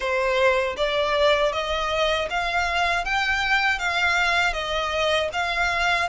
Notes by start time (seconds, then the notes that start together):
0.00 C5
0.76 D5
1.52 D#5
2.30 F5
3.04 G5
3.78 F5
4.53 D#5
5.32 F5